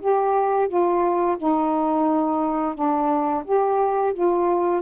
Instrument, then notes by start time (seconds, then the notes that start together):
saxophone
0.00 G4
0.68 F4
1.37 D#4
2.75 D4
3.45 G4
4.13 F4